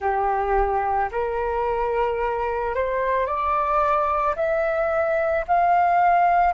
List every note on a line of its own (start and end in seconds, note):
0.00 1.09 G4
1.11 2.75 A#4
2.75 3.26 C5
3.26 4.35 D5
4.35 5.44 E5
5.47 6.53 F5